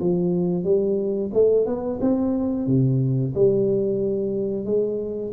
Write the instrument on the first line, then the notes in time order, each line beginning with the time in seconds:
tuba
0.00 F3
0.64 G3
1.34 A3
1.66 B3
2.01 C4
2.67 C3
3.35 G3
4.65 G#3